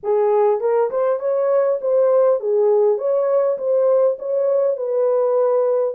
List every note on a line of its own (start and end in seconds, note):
0.03 0.60 G#4
0.60 0.90 A#4
0.90 1.19 C5
1.19 1.79 C#5
1.81 2.40 C5
2.40 2.98 G#4
2.98 3.57 C#5
3.58 4.17 C5
4.19 4.76 C#5
4.76 5.94 B4